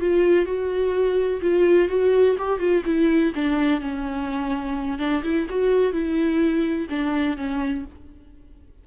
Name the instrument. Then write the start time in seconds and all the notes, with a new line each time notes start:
viola
0.00 F4
0.45 F#4
1.42 F4
1.88 F#4
2.38 G4
2.59 F4
2.85 E4
3.35 D4
3.80 C#4
4.98 D4
5.23 E4
5.49 F#4
5.92 E4
6.89 D4
7.37 C#4